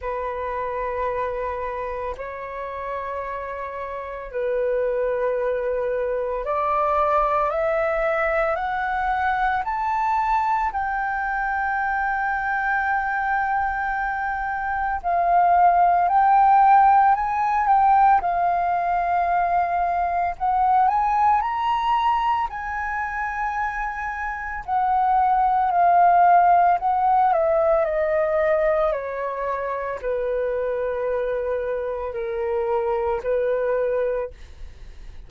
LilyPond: \new Staff \with { instrumentName = "flute" } { \time 4/4 \tempo 4 = 56 b'2 cis''2 | b'2 d''4 e''4 | fis''4 a''4 g''2~ | g''2 f''4 g''4 |
gis''8 g''8 f''2 fis''8 gis''8 | ais''4 gis''2 fis''4 | f''4 fis''8 e''8 dis''4 cis''4 | b'2 ais'4 b'4 | }